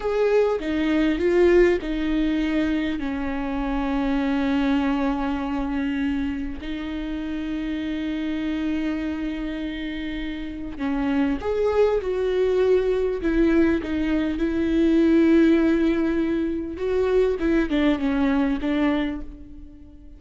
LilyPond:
\new Staff \with { instrumentName = "viola" } { \time 4/4 \tempo 4 = 100 gis'4 dis'4 f'4 dis'4~ | dis'4 cis'2.~ | cis'2. dis'4~ | dis'1~ |
dis'2 cis'4 gis'4 | fis'2 e'4 dis'4 | e'1 | fis'4 e'8 d'8 cis'4 d'4 | }